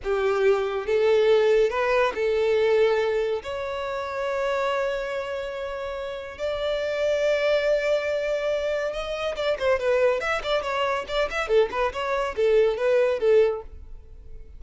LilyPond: \new Staff \with { instrumentName = "violin" } { \time 4/4 \tempo 4 = 141 g'2 a'2 | b'4 a'2. | cis''1~ | cis''2. d''4~ |
d''1~ | d''4 dis''4 d''8 c''8 b'4 | e''8 d''8 cis''4 d''8 e''8 a'8 b'8 | cis''4 a'4 b'4 a'4 | }